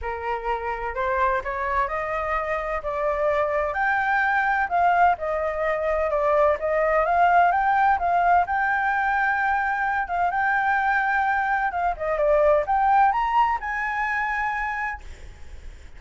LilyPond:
\new Staff \with { instrumentName = "flute" } { \time 4/4 \tempo 4 = 128 ais'2 c''4 cis''4 | dis''2 d''2 | g''2 f''4 dis''4~ | dis''4 d''4 dis''4 f''4 |
g''4 f''4 g''2~ | g''4. f''8 g''2~ | g''4 f''8 dis''8 d''4 g''4 | ais''4 gis''2. | }